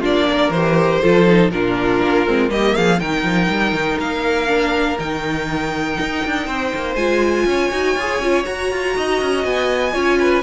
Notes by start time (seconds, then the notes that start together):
0.00 A#3 D4 F4 D5
0.30 A#4
0.49 E3 C5
0.55 G4
1.01 F3 F4 A4
1.26 D#4
1.50 A#2 D4 F4 A#4
2.03 A#3
2.26 G#3 C4
2.48 G3 A#3 G4 D#5
2.74 F3 G#4 F5
2.99 D#3 D#4 A#4 G5
3.23 F3
3.49 G3
3.72 D#3
3.98 A#3 F5
4.46 D4
4.99 D#3 D#4 G5
6.00 D#4
6.25 D4
6.46 C4 C5
6.75 A#3
6.95 G#3 F4 G#5
7.45 C#4 C#5
7.71 D#4 F#4
7.95 F4 G#4
8.19 C#4 F4
8.43 F#4 A#5
8.71 F4
8.96 D#4 D#5
9.21 C#4
9.44 B3 G#5
9.93 C#4 F4 C#5
10.19 B4